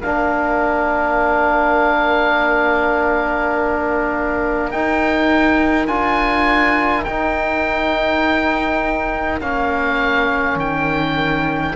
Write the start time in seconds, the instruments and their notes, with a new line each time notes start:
0.00 cello A#3, trombone D4, viola A#4, oboe F5
4.71 trombone D#4, cello D#4, oboe G5
5.87 cello D4, trombone F4, oboe G#5
7.04 trombone D#4, cello D#4, oboe G5
9.40 cello A#3, trombone C#4, oboe F5
10.56 cello D#3, oboe G5